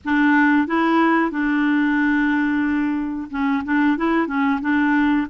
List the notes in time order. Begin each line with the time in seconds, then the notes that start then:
0.04 D4
0.67 E4
1.30 D4
3.30 C#4
3.64 D4
3.97 E4
4.27 C#4
4.61 D4